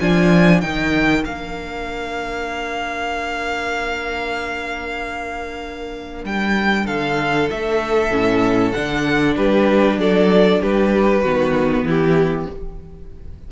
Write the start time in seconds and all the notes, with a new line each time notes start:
0.00 F3 D4 F4 G#5
0.61 D#3 D#4 A#4 G5
1.23 A#3 D4 F5
6.25 G3 G5
6.86 D3 A4 F5
7.50 A3 E5
8.10 A2 C#4
8.72 D3 D4 F#5
9.36 G3 G4 B4
9.97 F#3 A4 D5
10.62 G3 G4 B4
11.23 D#3 B3 F#4
11.83 E3 E4 G4